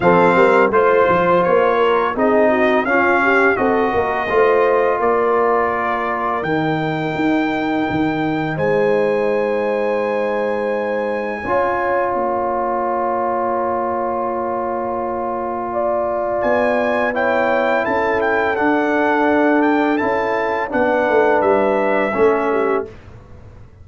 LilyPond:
<<
  \new Staff \with { instrumentName = "trumpet" } { \time 4/4 \tempo 4 = 84 f''4 c''4 cis''4 dis''4 | f''4 dis''2 d''4~ | d''4 g''2. | gis''1~ |
gis''4 ais''2.~ | ais''2. gis''4 | g''4 a''8 g''8 fis''4. g''8 | a''4 fis''4 e''2 | }
  \new Staff \with { instrumentName = "horn" } { \time 4/4 a'8 ais'8 c''4. ais'8 gis'8 fis'8 | f'8 g'8 a'8 ais'8 c''4 ais'4~ | ais'1 | c''1 |
cis''1~ | cis''2 d''2 | cis''4 a'2.~ | a'4 b'2 a'8 g'8 | }
  \new Staff \with { instrumentName = "trombone" } { \time 4/4 c'4 f'2 dis'4 | cis'4 fis'4 f'2~ | f'4 dis'2.~ | dis'1 |
f'1~ | f'1 | e'2 d'2 | e'4 d'2 cis'4 | }
  \new Staff \with { instrumentName = "tuba" } { \time 4/4 f8 g8 a8 f8 ais4 c'4 | cis'4 c'8 ais8 a4 ais4~ | ais4 dis4 dis'4 dis4 | gis1 |
cis'4 ais2.~ | ais2. b4~ | b4 cis'4 d'2 | cis'4 b8 a8 g4 a4 | }
>>